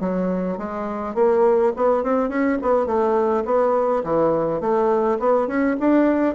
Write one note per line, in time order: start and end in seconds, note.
0.00 0.57 F#3
0.57 1.15 G#3
1.15 1.72 A#3
1.76 2.03 B3
2.03 2.28 C4
2.28 2.57 C#4
2.62 2.86 B3
2.86 3.44 A3
3.45 4.03 B3
4.04 4.60 E3
4.60 5.18 A3
5.19 5.47 B3
5.47 5.76 C#4
5.80 6.35 D4